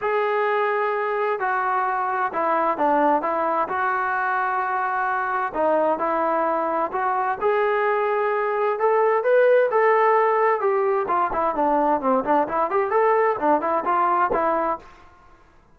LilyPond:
\new Staff \with { instrumentName = "trombone" } { \time 4/4 \tempo 4 = 130 gis'2. fis'4~ | fis'4 e'4 d'4 e'4 | fis'1 | dis'4 e'2 fis'4 |
gis'2. a'4 | b'4 a'2 g'4 | f'8 e'8 d'4 c'8 d'8 e'8 g'8 | a'4 d'8 e'8 f'4 e'4 | }